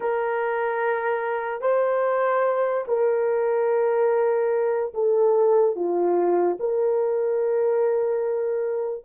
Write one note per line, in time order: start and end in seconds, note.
0.00 1.61 A#4
1.61 2.84 C5
2.87 4.93 A#4
4.94 5.75 A4
5.75 6.58 F4
6.59 9.04 A#4